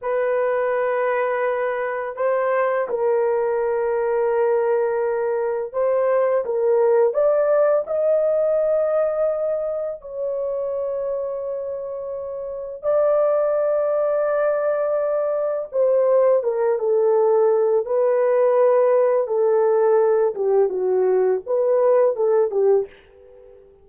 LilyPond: \new Staff \with { instrumentName = "horn" } { \time 4/4 \tempo 4 = 84 b'2. c''4 | ais'1 | c''4 ais'4 d''4 dis''4~ | dis''2 cis''2~ |
cis''2 d''2~ | d''2 c''4 ais'8 a'8~ | a'4 b'2 a'4~ | a'8 g'8 fis'4 b'4 a'8 g'8 | }